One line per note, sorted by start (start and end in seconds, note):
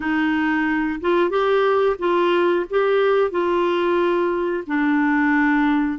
0.00 1.00 D#4
1.00 1.29 F4
1.29 1.96 G4
1.98 2.65 F4
2.70 3.30 G4
3.30 4.64 F4
4.67 5.98 D4